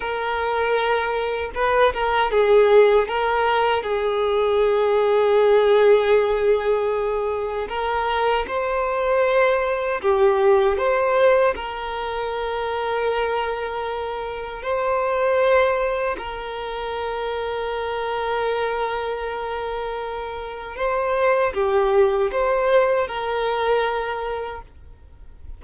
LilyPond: \new Staff \with { instrumentName = "violin" } { \time 4/4 \tempo 4 = 78 ais'2 b'8 ais'8 gis'4 | ais'4 gis'2.~ | gis'2 ais'4 c''4~ | c''4 g'4 c''4 ais'4~ |
ais'2. c''4~ | c''4 ais'2.~ | ais'2. c''4 | g'4 c''4 ais'2 | }